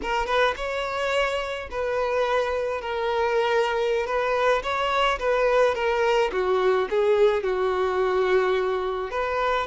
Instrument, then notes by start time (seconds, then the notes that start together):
violin
0.02 A#4
0.26 B4
0.56 C#5
1.71 B4
2.81 A#4
4.06 B4
4.62 C#5
5.19 B4
5.74 A#4
6.32 F#4
6.89 G#4
7.43 F#4
9.10 B4